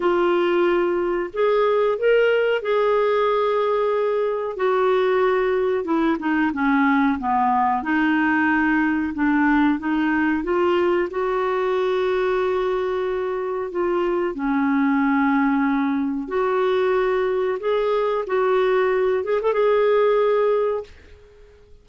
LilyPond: \new Staff \with { instrumentName = "clarinet" } { \time 4/4 \tempo 4 = 92 f'2 gis'4 ais'4 | gis'2. fis'4~ | fis'4 e'8 dis'8 cis'4 b4 | dis'2 d'4 dis'4 |
f'4 fis'2.~ | fis'4 f'4 cis'2~ | cis'4 fis'2 gis'4 | fis'4. gis'16 a'16 gis'2 | }